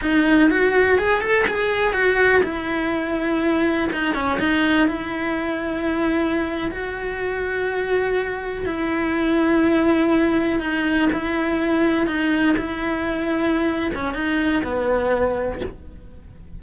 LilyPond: \new Staff \with { instrumentName = "cello" } { \time 4/4 \tempo 4 = 123 dis'4 fis'4 gis'8 a'8 gis'4 | fis'4 e'2. | dis'8 cis'8 dis'4 e'2~ | e'4.~ e'16 fis'2~ fis'16~ |
fis'4.~ fis'16 e'2~ e'16~ | e'4.~ e'16 dis'4 e'4~ e'16~ | e'8. dis'4 e'2~ e'16~ | e'8 cis'8 dis'4 b2 | }